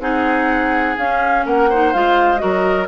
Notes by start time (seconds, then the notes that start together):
0.00 C4 D#4 G#4 F#5
0.98 C#4 F5
1.46 A#3 A#4 F#5
1.70 D#4 C5
1.93 G#3 F4 F5
2.38 F#3 F#4 A#4 D#5